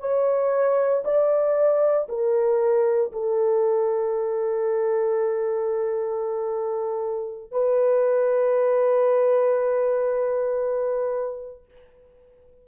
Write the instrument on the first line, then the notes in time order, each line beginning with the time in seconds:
horn
0.00 C#5
1.05 D5
2.09 A#4
3.13 A4
7.52 B4